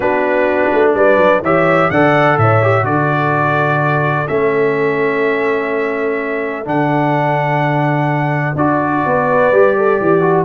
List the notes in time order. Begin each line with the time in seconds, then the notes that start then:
0.00 B3 D4 F#4 B4
0.73 A3
0.94 G3 B4 D5
1.17 F#3
1.42 E3 G4 C#5 E5
1.90 D3 A4 D5 F#5
2.37 A2 C#5 E5
2.62 G4
2.83 D3 F#4 A4 D5
4.27 A3 C#4 E5
6.64 D3 D4 F#5
8.55 D4 F#4 D5
9.05 B3 B4
9.51 G3 G4
9.77 A4
10.00 E3 G4
10.21 F#4